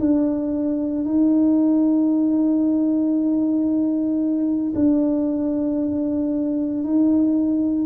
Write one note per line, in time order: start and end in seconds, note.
0.00 1.05 D4
1.05 4.74 D#4
4.75 6.84 D4
6.84 7.86 D#4